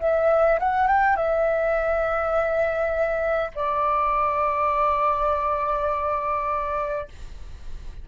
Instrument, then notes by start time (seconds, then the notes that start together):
flute
0.00 E5
0.59 F#5
0.87 G5
1.16 E5
3.55 D5